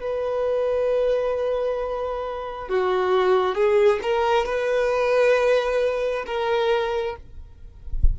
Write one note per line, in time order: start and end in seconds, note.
0.00 2.69 B4
2.69 3.55 F#4
3.55 3.99 G#4
4.02 4.46 A#4
4.46 6.25 B4
6.26 7.16 A#4